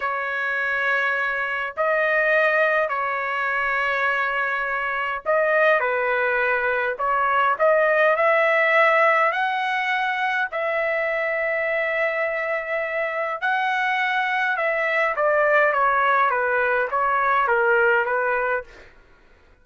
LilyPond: \new Staff \with { instrumentName = "trumpet" } { \time 4/4 \tempo 4 = 103 cis''2. dis''4~ | dis''4 cis''2.~ | cis''4 dis''4 b'2 | cis''4 dis''4 e''2 |
fis''2 e''2~ | e''2. fis''4~ | fis''4 e''4 d''4 cis''4 | b'4 cis''4 ais'4 b'4 | }